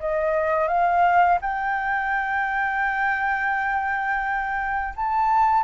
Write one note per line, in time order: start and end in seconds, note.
0.00 0.68 D#5
0.68 1.39 F5
1.41 4.94 G5
4.96 5.64 A5